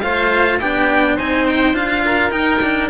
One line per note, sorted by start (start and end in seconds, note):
0.00 0.60 A3
0.00 0.61 F4
0.00 0.59 C5
0.00 0.58 F5
0.59 1.19 B3
0.59 1.18 D4
0.59 1.15 G4
0.59 1.17 G5
1.15 1.73 C4
1.15 1.73 D#4
1.15 2.02 C5
1.15 1.46 G#5
1.47 1.75 G5
1.73 2.30 D4
1.73 2.30 F4
1.73 2.31 F5
2.04 2.90 A#4
2.30 2.59 D#4
2.30 2.89 D#4
2.30 2.88 G5
2.61 2.90 D4